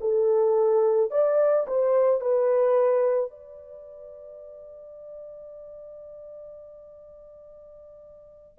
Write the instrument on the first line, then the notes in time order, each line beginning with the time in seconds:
horn
0.00 A4
1.10 D5
1.67 C5
2.21 B4
3.30 D5